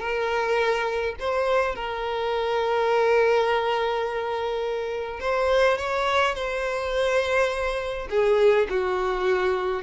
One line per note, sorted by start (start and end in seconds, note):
0.00 1.15 A#4
1.20 1.75 C5
1.75 5.20 A#4
5.20 5.78 C5
5.78 6.35 C#5
6.35 8.08 C5
8.10 8.68 G#4
8.70 9.83 F#4